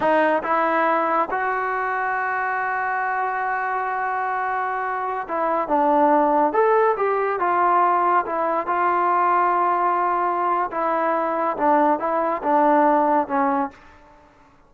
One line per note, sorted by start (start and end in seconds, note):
0.00 0.42 D#4
0.43 1.29 E4
1.30 5.27 F#4
5.28 5.67 E4
5.67 6.52 D4
6.52 6.95 A4
6.96 7.39 G4
7.39 8.25 F4
8.26 8.66 E4
8.66 10.70 F4
10.71 11.56 E4
11.57 11.99 D4
11.99 12.42 E4
12.42 13.27 D4
13.27 13.70 C#4